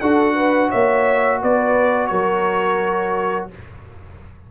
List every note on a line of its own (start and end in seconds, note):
0.00 0.70 D4
0.00 3.51 F#4
0.00 0.35 A4
0.00 0.70 F#5
0.35 0.69 B4
0.70 1.43 A#3
0.70 1.39 C#5
0.70 1.40 E5
1.41 2.11 B3
1.41 2.10 B4
1.41 2.06 D5
2.06 3.50 F#3
2.06 3.50 A#4
2.06 3.46 C#5